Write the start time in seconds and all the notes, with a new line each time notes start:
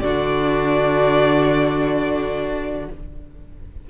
0.00 D3 D4 F#4 D5